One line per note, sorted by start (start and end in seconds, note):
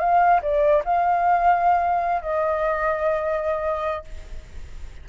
0.00 0.41 F5
0.43 0.83 D5
0.85 2.22 F5
2.22 4.05 D#5